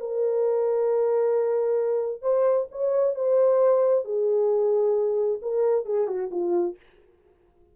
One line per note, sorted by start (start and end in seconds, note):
0.00 2.22 A#4
2.22 2.67 C5
2.72 3.15 C#5
3.15 4.05 C5
4.05 5.41 G#4
5.42 5.86 A#4
5.86 6.08 G#4
6.08 6.30 F#4
6.32 6.77 F4